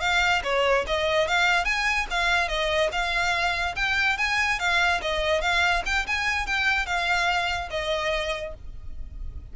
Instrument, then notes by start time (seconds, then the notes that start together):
violin
0.00 F5
0.43 C#5
0.86 D#5
1.27 F5
1.64 G#5
2.10 F5
2.48 D#5
2.91 F5
3.75 G5
4.17 G#5
4.59 F5
5.01 D#5
5.41 F5
5.85 G5
6.06 G#5
6.46 G5
6.86 F5
7.70 D#5